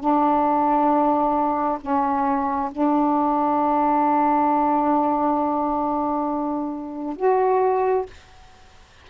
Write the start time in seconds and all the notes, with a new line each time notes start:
0.00 D4
1.82 C#4
2.72 D4
7.17 F#4